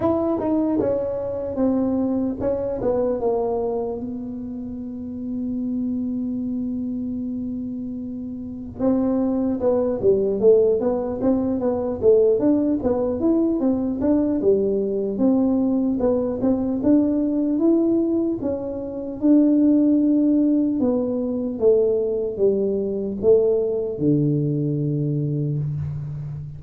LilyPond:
\new Staff \with { instrumentName = "tuba" } { \time 4/4 \tempo 4 = 75 e'8 dis'8 cis'4 c'4 cis'8 b8 | ais4 b2.~ | b2. c'4 | b8 g8 a8 b8 c'8 b8 a8 d'8 |
b8 e'8 c'8 d'8 g4 c'4 | b8 c'8 d'4 e'4 cis'4 | d'2 b4 a4 | g4 a4 d2 | }